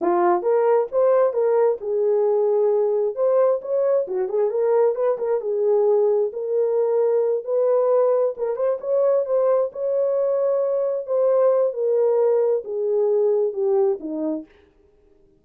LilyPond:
\new Staff \with { instrumentName = "horn" } { \time 4/4 \tempo 4 = 133 f'4 ais'4 c''4 ais'4 | gis'2. c''4 | cis''4 fis'8 gis'8 ais'4 b'8 ais'8 | gis'2 ais'2~ |
ais'8 b'2 ais'8 c''8 cis''8~ | cis''8 c''4 cis''2~ cis''8~ | cis''8 c''4. ais'2 | gis'2 g'4 dis'4 | }